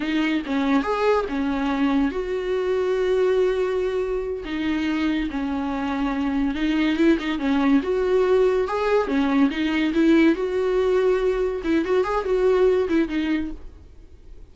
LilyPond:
\new Staff \with { instrumentName = "viola" } { \time 4/4 \tempo 4 = 142 dis'4 cis'4 gis'4 cis'4~ | cis'4 fis'2.~ | fis'2~ fis'8 dis'4.~ | dis'8 cis'2. dis'8~ |
dis'8 e'8 dis'8 cis'4 fis'4.~ | fis'8 gis'4 cis'4 dis'4 e'8~ | e'8 fis'2. e'8 | fis'8 gis'8 fis'4. e'8 dis'4 | }